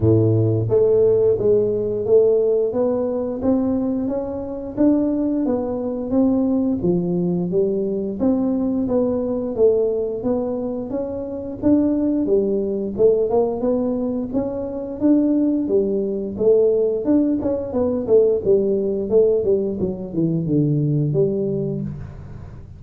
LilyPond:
\new Staff \with { instrumentName = "tuba" } { \time 4/4 \tempo 4 = 88 a,4 a4 gis4 a4 | b4 c'4 cis'4 d'4 | b4 c'4 f4 g4 | c'4 b4 a4 b4 |
cis'4 d'4 g4 a8 ais8 | b4 cis'4 d'4 g4 | a4 d'8 cis'8 b8 a8 g4 | a8 g8 fis8 e8 d4 g4 | }